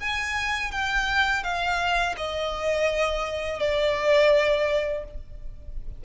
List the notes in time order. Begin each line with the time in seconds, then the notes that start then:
0.00 G#5
0.72 G5
1.44 F5
2.18 D#5
3.60 D5